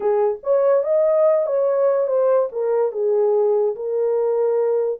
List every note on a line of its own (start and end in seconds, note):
0.00 0.38 G#4
0.43 0.83 C#5
0.83 1.46 D#5
1.46 2.07 C#5
2.07 2.48 C5
2.52 2.92 A#4
2.92 3.75 G#4
3.75 4.99 A#4